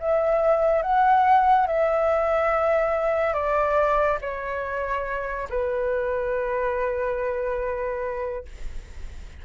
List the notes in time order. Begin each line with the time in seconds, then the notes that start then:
0.00 E5
0.83 F#5
1.67 E5
3.33 D5
4.21 C#5
5.50 B4